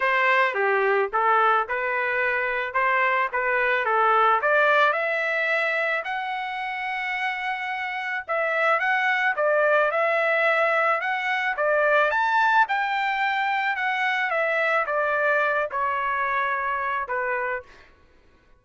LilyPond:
\new Staff \with { instrumentName = "trumpet" } { \time 4/4 \tempo 4 = 109 c''4 g'4 a'4 b'4~ | b'4 c''4 b'4 a'4 | d''4 e''2 fis''4~ | fis''2. e''4 |
fis''4 d''4 e''2 | fis''4 d''4 a''4 g''4~ | g''4 fis''4 e''4 d''4~ | d''8 cis''2~ cis''8 b'4 | }